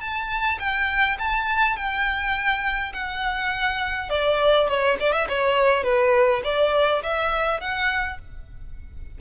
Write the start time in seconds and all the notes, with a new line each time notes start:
0.00 A5
0.59 G5
1.19 A5
1.76 G5
2.93 F#5
4.09 D5
4.68 C#5
5.00 D5
5.12 E5
5.29 C#5
5.83 B4
6.44 D5
7.02 E5
7.60 F#5